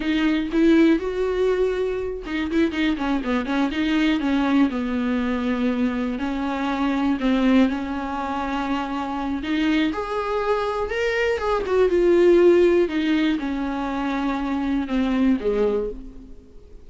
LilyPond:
\new Staff \with { instrumentName = "viola" } { \time 4/4 \tempo 4 = 121 dis'4 e'4 fis'2~ | fis'8 dis'8 e'8 dis'8 cis'8 b8 cis'8 dis'8~ | dis'8 cis'4 b2~ b8~ | b8 cis'2 c'4 cis'8~ |
cis'2. dis'4 | gis'2 ais'4 gis'8 fis'8 | f'2 dis'4 cis'4~ | cis'2 c'4 gis4 | }